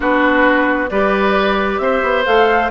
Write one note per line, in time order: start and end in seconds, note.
0.00 0.90 B3
0.00 0.89 D4
0.00 0.89 F#4
0.00 0.89 B4
0.89 1.79 G3
0.89 2.25 G4
0.89 1.81 B4
0.89 1.78 D5
1.78 2.02 C4
1.78 2.70 C5
1.78 2.23 E5
2.02 2.25 B3
2.25 2.70 A3
2.25 2.70 A4
2.25 2.70 F5